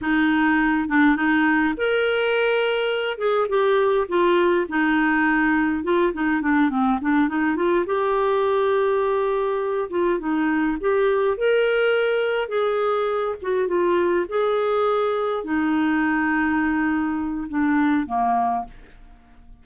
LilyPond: \new Staff \with { instrumentName = "clarinet" } { \time 4/4 \tempo 4 = 103 dis'4. d'8 dis'4 ais'4~ | ais'4. gis'8 g'4 f'4 | dis'2 f'8 dis'8 d'8 c'8 | d'8 dis'8 f'8 g'2~ g'8~ |
g'4 f'8 dis'4 g'4 ais'8~ | ais'4. gis'4. fis'8 f'8~ | f'8 gis'2 dis'4.~ | dis'2 d'4 ais4 | }